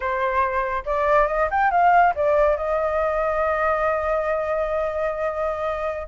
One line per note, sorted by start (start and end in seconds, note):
0.00 0.83 C5
0.85 1.27 D5
1.27 1.48 D#5
1.50 1.70 G5
1.70 2.13 F5
2.15 2.56 D5
2.56 6.07 D#5